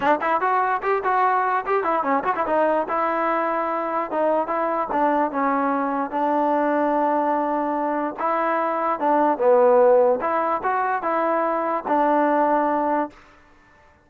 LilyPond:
\new Staff \with { instrumentName = "trombone" } { \time 4/4 \tempo 4 = 147 d'8 e'8 fis'4 g'8 fis'4. | g'8 e'8 cis'8 fis'16 e'16 dis'4 e'4~ | e'2 dis'4 e'4 | d'4 cis'2 d'4~ |
d'1 | e'2 d'4 b4~ | b4 e'4 fis'4 e'4~ | e'4 d'2. | }